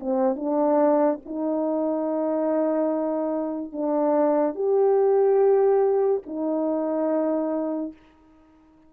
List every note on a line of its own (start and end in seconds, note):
0.00 0.36 C4
0.36 1.19 D4
1.25 3.72 D#4
3.72 4.55 D4
4.55 6.22 G4
6.26 7.93 D#4